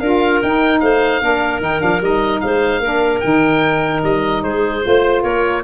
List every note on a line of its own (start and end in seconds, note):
0.00 0.41 D4
0.00 0.44 F4
0.00 0.82 A#4
0.00 0.40 F5
0.43 0.82 D#4
0.43 1.22 D#4
0.43 0.80 G5
0.80 1.22 A3
0.80 1.22 C5
0.80 1.61 F5
1.22 1.61 A#3
1.22 1.60 D4
1.22 2.43 A#4
1.60 1.81 D#3
1.60 1.80 D#4
1.60 1.82 G5
1.80 2.01 F3
1.80 2.00 D4
1.80 2.02 F5
2.01 2.41 G3
2.01 2.82 D#4
2.01 2.41 D#5
2.41 2.80 G#3
2.41 2.82 C5
2.41 3.20 F5
2.80 3.20 A#3
2.80 3.23 D4
2.80 4.43 A#4
3.20 4.04 D#3
3.20 4.82 D#4
3.20 4.01 G5
4.04 4.44 G3
4.04 4.44 D#5
4.44 4.84 G#3
4.44 4.86 G#4
4.44 5.23 C5
4.82 5.24 A3
4.82 5.62 F4
4.82 5.23 C5
5.23 5.64 A#3
5.23 5.63 A#4
5.23 5.64 C#5